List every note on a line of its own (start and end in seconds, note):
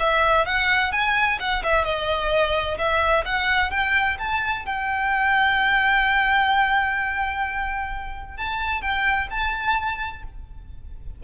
0.00 0.46 E5
0.46 0.93 F#5
0.93 1.39 G#5
1.40 1.63 F#5
1.64 1.85 E5
1.85 2.78 D#5
2.78 3.25 E5
3.26 3.71 F#5
3.71 4.18 G5
4.19 4.66 A5
4.66 8.37 G5
8.37 8.82 A5
8.82 9.29 G5
9.31 10.24 A5